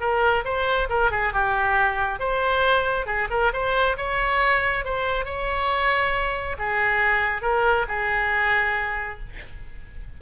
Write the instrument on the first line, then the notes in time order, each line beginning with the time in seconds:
oboe
0.00 A#4
0.44 C5
0.89 A#4
1.11 G#4
1.33 G4
2.19 C5
3.06 G#4
3.30 A#4
3.53 C5
3.97 C#5
4.84 C5
5.25 C#5
6.58 G#4
7.42 A#4
7.88 G#4